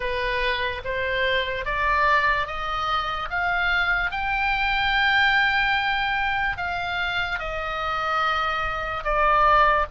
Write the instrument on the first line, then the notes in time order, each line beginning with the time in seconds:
oboe
0.00 B4
0.84 C5
1.65 D5
2.47 D#5
3.30 F5
4.11 G5
6.57 F5
7.39 D#5
9.03 D5